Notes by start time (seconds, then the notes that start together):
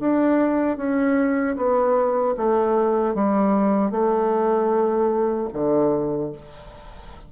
0.00 D4
0.78 C#4
1.56 B3
2.38 A3
3.15 G3
3.92 A3
5.53 D3